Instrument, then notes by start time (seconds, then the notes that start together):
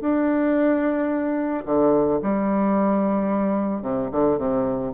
bassoon
0.00 D4
1.65 D3
2.22 G3
3.81 C3
4.11 D3
4.37 C3